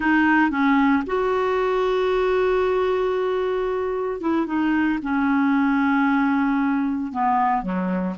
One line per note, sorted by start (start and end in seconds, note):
0.00 0.50 D#4
0.50 1.03 C#4
1.06 4.21 F#4
4.21 4.46 E4
4.46 4.99 D#4
5.02 7.12 C#4
7.12 7.62 B3
7.62 8.15 F#3